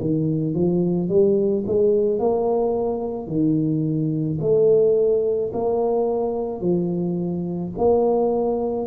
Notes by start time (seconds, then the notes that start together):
0.00 D#3
0.55 F3
1.09 G3
1.66 G#3
2.19 A#3
3.27 D#3
4.40 A3
5.53 A#3
6.61 F3
7.78 A#3